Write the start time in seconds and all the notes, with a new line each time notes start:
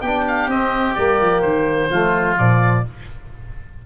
0.00 B3 D4 G4 G5
0.27 F5
0.47 C4 D#5
0.94 G3 A#3 D5
1.21 F3
1.41 D#3 C5
1.90 F3 A3 F4
2.37 A#2 F3 D5